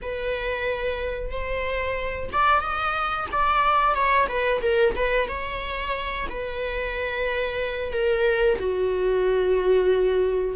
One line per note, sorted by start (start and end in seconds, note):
0.02 1.30 B4
1.30 2.29 C5
2.32 2.60 D5
2.60 3.26 D#5
3.32 3.94 D5
3.94 4.27 C#5
4.28 4.61 B4
4.61 4.94 A#4
4.95 5.28 B4
5.28 6.27 C#5
6.29 7.92 B4
7.92 8.58 A#4
8.59 10.55 F#4